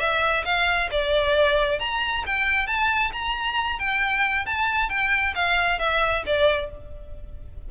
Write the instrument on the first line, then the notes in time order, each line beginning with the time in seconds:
violin
0.00 E5
0.45 F5
0.91 D5
1.80 A#5
2.26 G5
2.67 A5
3.13 A#5
3.79 G5
4.46 A5
4.90 G5
5.35 F5
5.79 E5
6.26 D5